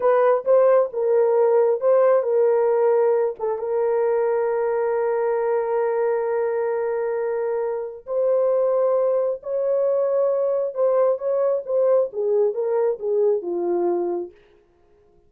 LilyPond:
\new Staff \with { instrumentName = "horn" } { \time 4/4 \tempo 4 = 134 b'4 c''4 ais'2 | c''4 ais'2~ ais'8 a'8 | ais'1~ | ais'1~ |
ais'2 c''2~ | c''4 cis''2. | c''4 cis''4 c''4 gis'4 | ais'4 gis'4 f'2 | }